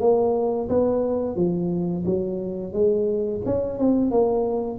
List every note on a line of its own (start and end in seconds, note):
0.00 0.68 A#3
0.69 1.36 B3
1.36 2.04 F3
2.05 2.73 F#3
2.73 3.41 G#3
3.45 3.78 C#4
3.78 4.11 C4
4.11 4.79 A#3